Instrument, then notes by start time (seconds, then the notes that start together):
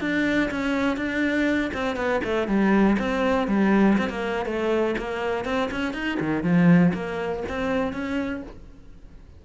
cello
0.00 D4
0.50 C#4
0.96 D4
1.73 C4
1.96 B3
2.24 A3
2.47 G3
2.98 C4
3.47 G3
3.98 C4
4.09 A#3
4.45 A3
4.98 A#3
5.45 C4
5.71 C#4
5.93 D#4
6.19 D#3
6.43 F3
6.93 A#3
7.48 C4
7.92 C#4